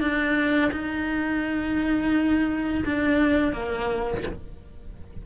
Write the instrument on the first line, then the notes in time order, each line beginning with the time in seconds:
cello
0.00 D4
0.72 D#4
2.85 D4
3.53 A#3